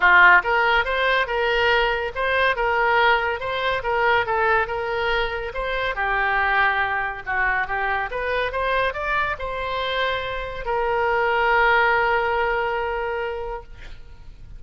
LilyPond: \new Staff \with { instrumentName = "oboe" } { \time 4/4 \tempo 4 = 141 f'4 ais'4 c''4 ais'4~ | ais'4 c''4 ais'2 | c''4 ais'4 a'4 ais'4~ | ais'4 c''4 g'2~ |
g'4 fis'4 g'4 b'4 | c''4 d''4 c''2~ | c''4 ais'2.~ | ais'1 | }